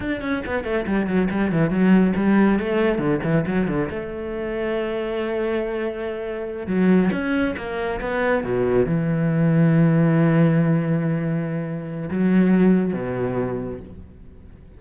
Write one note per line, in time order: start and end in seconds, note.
0.00 0.21 D4
0.21 0.43 C#4
0.46 0.64 B3
0.64 0.85 A3
0.86 1.07 G3
1.07 1.28 F#3
1.30 1.51 G3
1.52 1.70 E3
1.70 2.13 F#3
2.15 2.59 G3
2.59 2.98 A3
2.98 3.19 D3
3.23 3.45 E3
3.46 3.67 F#3
3.67 3.89 D3
3.89 6.66 A3
6.66 7.09 F#3
7.12 7.55 C#4
7.57 8.00 A#3
8.00 8.43 B3
8.43 8.85 B2
8.85 12.09 E3
12.10 12.93 F#3
12.93 13.79 B2